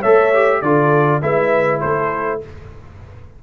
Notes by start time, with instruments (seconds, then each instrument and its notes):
0.00 tuba A3, trombone A4, horn C#5, trumpet E5
0.34 trombone G4
0.62 tuba D3, trombone F4, horn A4, trumpet D5
1.22 tuba G#3, trombone E4, horn B4, trumpet E5
1.80 tuba A3, horn A4, trumpet C5